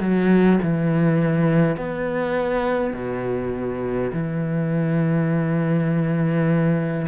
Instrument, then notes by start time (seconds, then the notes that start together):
cello
0.00 F#3
0.63 E3
1.77 B3
2.93 B2
4.13 E3